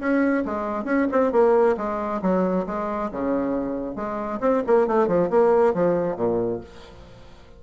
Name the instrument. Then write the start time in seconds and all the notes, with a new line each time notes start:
bassoon
0.00 C#4
0.46 G#3
0.85 C#4
1.12 C4
1.32 A#3
1.77 G#3
2.22 F#3
2.67 G#3
3.12 C#3
3.96 G#3
4.41 C4
4.67 A#3
4.87 A3
5.08 F3
5.30 A#3
5.74 F3
6.16 A#2